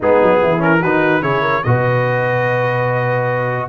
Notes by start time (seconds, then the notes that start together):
0.00 G#3 B3 D#4 G#4
0.22 F#3
0.42 E3 E4
0.58 C#4 A#4
0.80 D#3 D#4 F#4 B4
1.21 C#3 E4 G#4 C#5
1.41 A#4
1.63 B2 F#4 B4 D#5